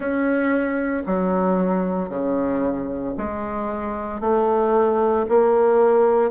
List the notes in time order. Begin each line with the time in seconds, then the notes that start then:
0.00 C#4
1.06 F#3
2.09 C#3
3.17 G#3
4.20 A3
5.28 A#3